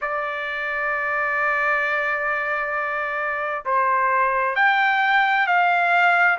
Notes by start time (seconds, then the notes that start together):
0.01 D5
3.65 C5
4.55 G5
5.47 F5